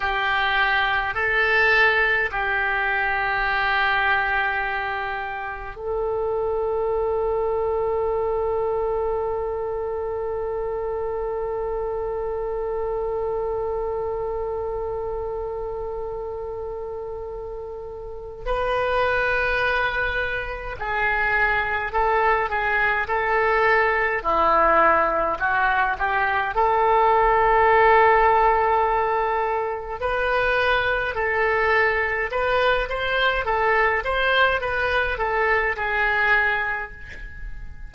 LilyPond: \new Staff \with { instrumentName = "oboe" } { \time 4/4 \tempo 4 = 52 g'4 a'4 g'2~ | g'4 a'2.~ | a'1~ | a'1 |
b'2 gis'4 a'8 gis'8 | a'4 e'4 fis'8 g'8 a'4~ | a'2 b'4 a'4 | b'8 c''8 a'8 c''8 b'8 a'8 gis'4 | }